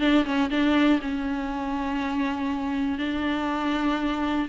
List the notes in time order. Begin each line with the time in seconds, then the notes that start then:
0.00 D4
0.25 C#4
0.51 D4
1.02 C#4
2.99 D4